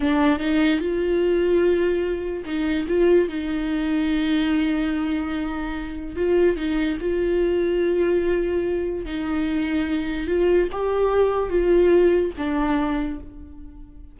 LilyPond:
\new Staff \with { instrumentName = "viola" } { \time 4/4 \tempo 4 = 146 d'4 dis'4 f'2~ | f'2 dis'4 f'4 | dis'1~ | dis'2. f'4 |
dis'4 f'2.~ | f'2 dis'2~ | dis'4 f'4 g'2 | f'2 d'2 | }